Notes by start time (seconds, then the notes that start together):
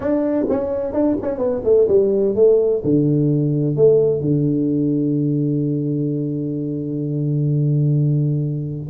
0.00 D4
0.49 C#4
0.92 D4
1.22 C#4
1.38 B3
1.64 A3
1.88 G3
2.35 A3
2.84 D3
3.76 A3
4.20 D3